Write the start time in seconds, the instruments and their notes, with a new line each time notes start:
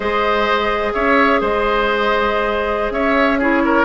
0.00 bassoon G#3, clarinet G#4, oboe C5, flute D#5
0.93 bassoon C#4, oboe C#5, flute E5
1.40 bassoon G#3, oboe C5, flute D#5
2.90 bassoon C#4, oboe C#5, flute E5
3.38 clarinet E4, oboe G#4, flute C#5
3.65 oboe A#4